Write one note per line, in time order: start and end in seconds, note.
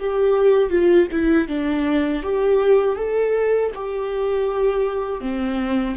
0.00 0.71 G4
0.71 1.08 F4
1.12 1.48 E4
1.48 2.23 D4
2.23 2.96 G4
2.96 3.71 A4
3.75 5.21 G4
5.21 5.96 C4